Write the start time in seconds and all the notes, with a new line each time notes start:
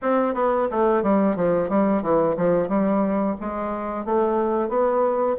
0.02 C4
0.34 B3
0.70 A3
1.03 G3
1.36 F3
1.69 G3
2.02 E3
2.36 F3
2.68 G3
3.40 G#3
4.04 A3
4.69 B3